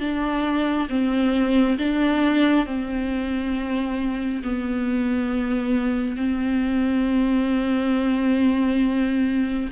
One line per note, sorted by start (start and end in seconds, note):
0.00 0.88 D4
0.89 1.78 C4
1.78 2.66 D4
2.66 4.43 C4
4.43 6.16 B3
6.16 9.69 C4